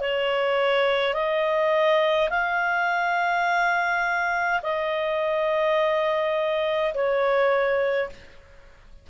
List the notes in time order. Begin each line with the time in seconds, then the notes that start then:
0.00 C#5
1.14 D#5
2.30 F5
4.63 D#5
6.94 C#5